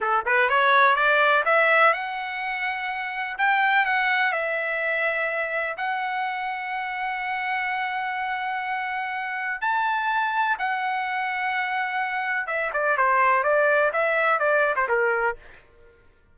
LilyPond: \new Staff \with { instrumentName = "trumpet" } { \time 4/4 \tempo 4 = 125 a'8 b'8 cis''4 d''4 e''4 | fis''2. g''4 | fis''4 e''2. | fis''1~ |
fis''1 | a''2 fis''2~ | fis''2 e''8 d''8 c''4 | d''4 e''4 d''8. c''16 ais'4 | }